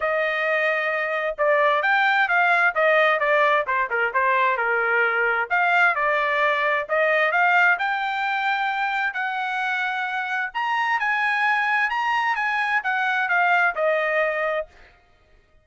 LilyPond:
\new Staff \with { instrumentName = "trumpet" } { \time 4/4 \tempo 4 = 131 dis''2. d''4 | g''4 f''4 dis''4 d''4 | c''8 ais'8 c''4 ais'2 | f''4 d''2 dis''4 |
f''4 g''2. | fis''2. ais''4 | gis''2 ais''4 gis''4 | fis''4 f''4 dis''2 | }